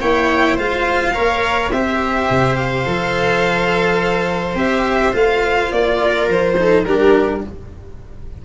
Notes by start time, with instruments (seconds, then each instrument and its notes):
0.00 tuba A#3, cello E4, viola C#5, violin G5
0.55 tuba G#3, cello F4, viola C5, violin F5
1.13 tuba A#3, cello A#4, viola C#5
1.71 tuba C4, cello G4, viola C5, violin E5
2.30 tuba C3
2.56 violin F5
2.85 tuba F3, cello A4
4.54 tuba C4, cello G4, violin E5
5.11 tuba A3, cello F4, violin F5
5.71 tuba A#3, violin D5
6.01 viola A#4
6.27 tuba F3, violin C5
6.57 cello D#4, viola A4
6.84 tuba G3, cello D4, viola G4, violin A#4